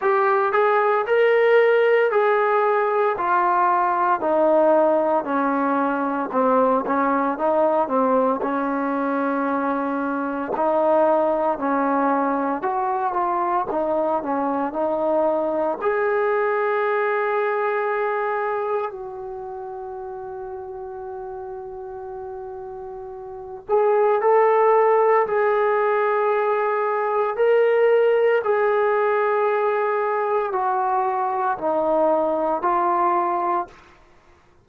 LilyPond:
\new Staff \with { instrumentName = "trombone" } { \time 4/4 \tempo 4 = 57 g'8 gis'8 ais'4 gis'4 f'4 | dis'4 cis'4 c'8 cis'8 dis'8 c'8 | cis'2 dis'4 cis'4 | fis'8 f'8 dis'8 cis'8 dis'4 gis'4~ |
gis'2 fis'2~ | fis'2~ fis'8 gis'8 a'4 | gis'2 ais'4 gis'4~ | gis'4 fis'4 dis'4 f'4 | }